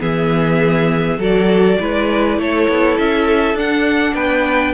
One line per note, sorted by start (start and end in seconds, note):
0.00 1.17 E3
0.00 1.19 B3
0.00 1.19 G#4
0.00 1.20 E5
1.17 1.77 F#3
1.17 1.79 F#4
1.17 1.78 A4
1.17 2.40 D5
1.80 2.38 G#3
1.80 3.57 E4
1.80 2.40 B4
2.38 2.68 A3
2.38 4.14 A4
2.38 2.97 C#5
2.68 2.98 B3
2.97 3.54 C#4
2.97 3.57 E5
3.54 4.13 D4
3.54 4.74 D4
3.54 4.15 F#5
4.14 4.74 B3
4.14 4.73 B4
4.14 4.74 G5